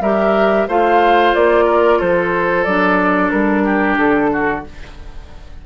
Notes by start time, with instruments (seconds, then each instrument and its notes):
0.00 bassoon G3, clarinet G4, oboe A#4, flute E5
0.68 bassoon A3, clarinet F4, oboe C5, flute F5
1.34 bassoon A#3, flute D5
1.65 oboe A#4
1.98 bassoon F3, oboe A4, flute C5
2.64 bassoon F#3, clarinet D4, flute D5
3.30 bassoon G3, flute A#4
3.64 oboe G4
3.97 bassoon D3, flute A4
4.32 oboe F#4